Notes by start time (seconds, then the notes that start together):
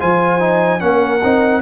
0.00 F3 F4 C5 G#5
0.40 D#4
0.80 A#3 C#4 A#4 F#5
1.24 C4 D#4